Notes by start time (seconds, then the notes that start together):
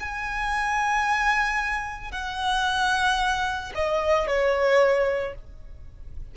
0.00 G#5
2.12 F#5
3.75 D#5
4.28 C#5